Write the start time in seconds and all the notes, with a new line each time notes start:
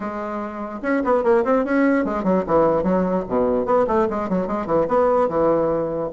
0.00 G#3
0.82 C#4
1.04 B3
1.23 A#3
1.44 C4
1.64 C#4
2.04 G#3
2.23 F#3
2.47 E3
2.83 F#3
3.28 B2
3.65 B3
3.87 A3
4.09 G#3
4.29 F#3
4.47 G#3
4.66 E3
4.88 B3
5.28 E3